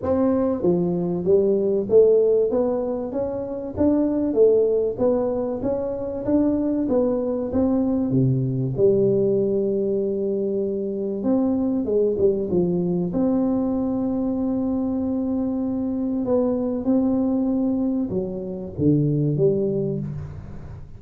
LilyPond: \new Staff \with { instrumentName = "tuba" } { \time 4/4 \tempo 4 = 96 c'4 f4 g4 a4 | b4 cis'4 d'4 a4 | b4 cis'4 d'4 b4 | c'4 c4 g2~ |
g2 c'4 gis8 g8 | f4 c'2.~ | c'2 b4 c'4~ | c'4 fis4 d4 g4 | }